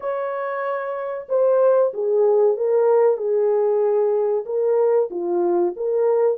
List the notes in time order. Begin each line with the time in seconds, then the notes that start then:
0.00 C#5
1.29 C5
1.93 G#4
2.56 A#4
3.17 G#4
4.45 A#4
5.10 F4
5.76 A#4